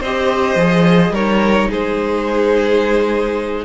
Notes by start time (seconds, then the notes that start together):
0.00 C4 G4 C5 D#5
0.55 F3 G#4
1.10 G3 D#4 A#4 C#5
1.69 G#3 G#4 C5